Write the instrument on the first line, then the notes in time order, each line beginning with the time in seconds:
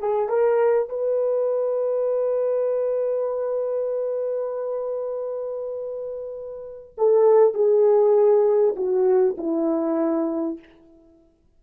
horn
0.00 G#4
0.29 A#4
0.90 B4
6.98 A4
7.54 G#4
8.76 F#4
9.38 E4